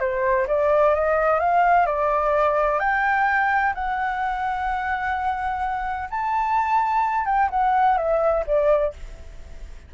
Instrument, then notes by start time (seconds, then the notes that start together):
flute
0.00 C5
0.48 D5
0.95 D#5
1.40 F5
1.86 D5
2.80 G5
3.75 F#5
6.10 A5
7.26 G5
7.51 F#5
7.98 E5
8.47 D5